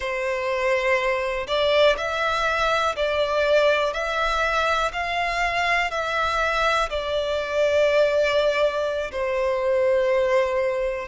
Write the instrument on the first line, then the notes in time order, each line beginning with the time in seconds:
violin
0.00 C5
1.47 D5
1.97 E5
2.96 D5
3.93 E5
4.92 F5
5.90 E5
6.89 D5
9.11 C5